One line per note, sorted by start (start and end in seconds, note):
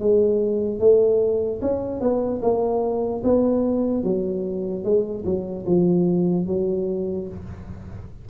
0.00 0.80 G#3
0.80 1.61 A3
1.62 2.01 C#4
2.01 2.41 B3
2.42 3.23 A#3
3.24 4.04 B3
4.04 4.85 F#3
4.85 5.25 G#3
5.25 5.66 F#3
5.66 6.47 F3
6.47 7.28 F#3